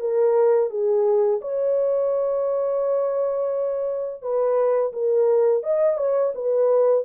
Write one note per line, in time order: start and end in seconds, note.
0.00 0.70 A#4
0.70 1.41 G#4
1.41 4.22 C#5
4.22 4.93 B4
4.93 5.63 A#4
5.63 5.97 D#5
5.97 6.33 C#5
6.35 7.05 B4